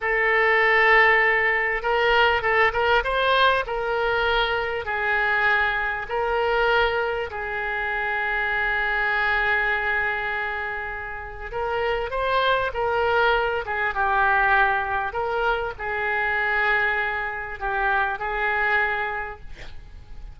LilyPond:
\new Staff \with { instrumentName = "oboe" } { \time 4/4 \tempo 4 = 99 a'2. ais'4 | a'8 ais'8 c''4 ais'2 | gis'2 ais'2 | gis'1~ |
gis'2. ais'4 | c''4 ais'4. gis'8 g'4~ | g'4 ais'4 gis'2~ | gis'4 g'4 gis'2 | }